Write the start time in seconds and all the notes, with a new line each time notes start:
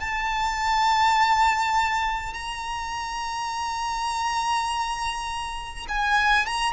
0.00 A5
2.33 A#5
5.88 G#5
6.46 A#5